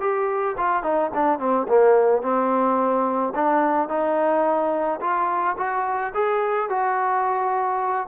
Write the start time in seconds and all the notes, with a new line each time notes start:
0.00 G4
0.57 F4
0.83 D#4
1.14 D4
1.39 C4
1.68 A#3
2.22 C4
3.35 D4
3.89 D#4
5.01 F4
5.57 F#4
6.14 G#4
6.69 F#4